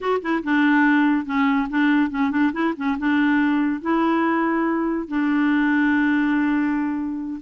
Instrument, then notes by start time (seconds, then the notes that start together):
clarinet
0.00 F#4
0.22 E4
0.43 D4
1.25 C#4
1.69 D4
2.10 C#4
2.30 D4
2.53 E4
2.76 C#4
2.98 D4
3.81 E4
5.08 D4